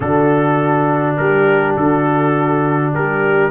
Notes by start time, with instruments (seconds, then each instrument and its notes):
0.00 tuba D3, trombone D4, horn F#4, trumpet A4
1.16 tuba G3, horn G4, trumpet A#4
1.76 tuba D3, horn F#4, trumpet A4
2.92 tuba G3, horn G4, trumpet A#4